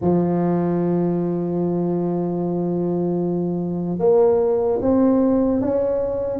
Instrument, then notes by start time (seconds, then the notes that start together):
tuba
0.01 F3
3.98 A#3
4.81 C4
5.61 C#4